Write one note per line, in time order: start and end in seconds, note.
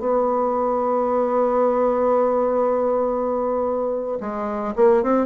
0.00 4.19 B3
4.20 4.74 G#3
4.76 5.03 A#3
5.03 5.27 C4